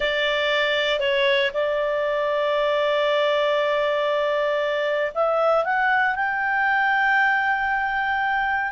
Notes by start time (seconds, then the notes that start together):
0.00 D5
0.99 C#5
1.53 D5
5.14 E5
5.64 F#5
6.15 G5